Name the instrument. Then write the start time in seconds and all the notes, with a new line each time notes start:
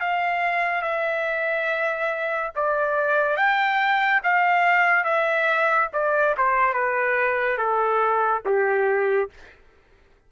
trumpet
0.00 F5
0.82 E5
2.55 D5
3.36 G5
4.23 F5
5.04 E5
5.93 D5
6.37 C5
6.73 B4
7.57 A4
8.45 G4